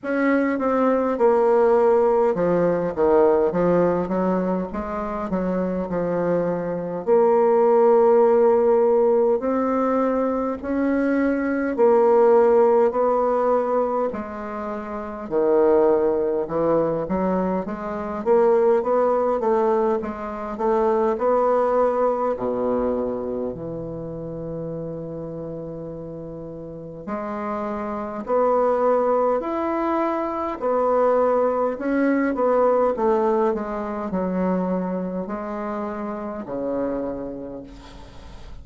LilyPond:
\new Staff \with { instrumentName = "bassoon" } { \time 4/4 \tempo 4 = 51 cis'8 c'8 ais4 f8 dis8 f8 fis8 | gis8 fis8 f4 ais2 | c'4 cis'4 ais4 b4 | gis4 dis4 e8 fis8 gis8 ais8 |
b8 a8 gis8 a8 b4 b,4 | e2. gis4 | b4 e'4 b4 cis'8 b8 | a8 gis8 fis4 gis4 cis4 | }